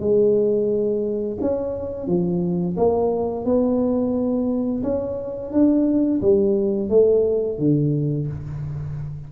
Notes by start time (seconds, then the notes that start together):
0.00 G#3
1.41 C#4
2.07 F3
2.77 A#3
3.45 B3
4.83 C#4
5.52 D4
6.22 G3
6.90 A3
7.59 D3